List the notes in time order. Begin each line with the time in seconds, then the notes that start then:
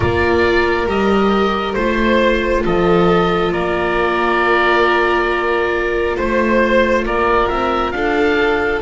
0.00 A#3 F4 A#4 D5
0.86 G3 G4 D#5
1.73 A3 F4 C5
2.65 F3 A4 D#5
3.52 A#3 A#4 D5
6.16 A3 C5
7.05 A#3 A#4 D5
7.49 C4 E5
7.91 D4 A4 F5